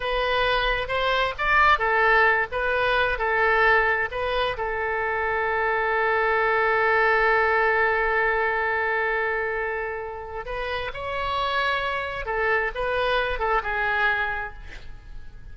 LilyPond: \new Staff \with { instrumentName = "oboe" } { \time 4/4 \tempo 4 = 132 b'2 c''4 d''4 | a'4. b'4. a'4~ | a'4 b'4 a'2~ | a'1~ |
a'1~ | a'2. b'4 | cis''2. a'4 | b'4. a'8 gis'2 | }